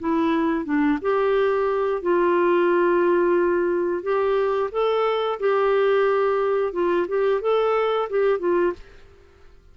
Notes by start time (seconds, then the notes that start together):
0.00 E4
0.65 D4
1.02 G4
2.02 F4
4.03 G4
4.72 A4
5.40 G4
6.73 F4
7.08 G4
7.42 A4
8.10 G4
8.40 F4